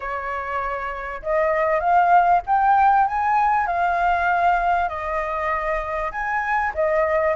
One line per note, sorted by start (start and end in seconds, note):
0.00 1.22 C#5
1.22 1.80 D#5
1.80 2.41 F5
2.46 3.07 G5
3.07 3.67 G#5
3.67 4.88 F5
4.88 6.11 D#5
6.11 6.73 G#5
6.74 7.35 D#5